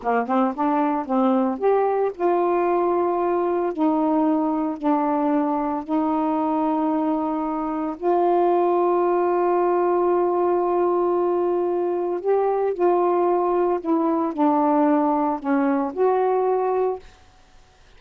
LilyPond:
\new Staff \with { instrumentName = "saxophone" } { \time 4/4 \tempo 4 = 113 ais8 c'8 d'4 c'4 g'4 | f'2. dis'4~ | dis'4 d'2 dis'4~ | dis'2. f'4~ |
f'1~ | f'2. g'4 | f'2 e'4 d'4~ | d'4 cis'4 fis'2 | }